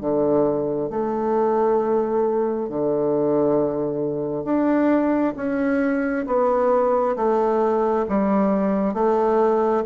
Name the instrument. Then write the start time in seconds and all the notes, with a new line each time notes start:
bassoon
0.00 D3
0.90 A3
2.69 D3
4.44 D4
5.36 C#4
6.26 B3
7.16 A3
8.09 G3
8.94 A3